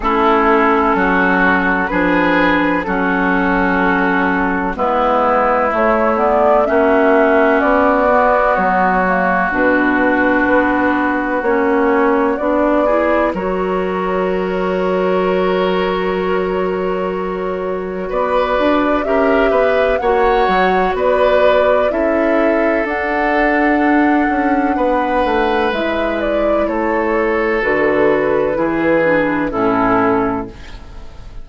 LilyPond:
<<
  \new Staff \with { instrumentName = "flute" } { \time 4/4 \tempo 4 = 63 a'2 b'4 a'4~ | a'4 b'4 cis''8 d''8 e''4 | d''4 cis''4 b'2 | cis''4 d''4 cis''2~ |
cis''2. d''4 | e''4 fis''4 d''4 e''4 | fis''2. e''8 d''8 | cis''4 b'2 a'4 | }
  \new Staff \with { instrumentName = "oboe" } { \time 4/4 e'4 fis'4 gis'4 fis'4~ | fis'4 e'2 fis'4~ | fis'1~ | fis'4. gis'8 ais'2~ |
ais'2. b'4 | ais'8 b'8 cis''4 b'4 a'4~ | a'2 b'2 | a'2 gis'4 e'4 | }
  \new Staff \with { instrumentName = "clarinet" } { \time 4/4 cis'2 d'4 cis'4~ | cis'4 b4 a8 b8 cis'4~ | cis'8 b4 ais8 d'2 | cis'4 d'8 e'8 fis'2~ |
fis'1 | g'4 fis'2 e'4 | d'2. e'4~ | e'4 fis'4 e'8 d'8 cis'4 | }
  \new Staff \with { instrumentName = "bassoon" } { \time 4/4 a4 fis4 f4 fis4~ | fis4 gis4 a4 ais4 | b4 fis4 b,4 b4 | ais4 b4 fis2~ |
fis2. b8 d'8 | cis'8 b8 ais8 fis8 b4 cis'4 | d'4. cis'8 b8 a8 gis4 | a4 d4 e4 a,4 | }
>>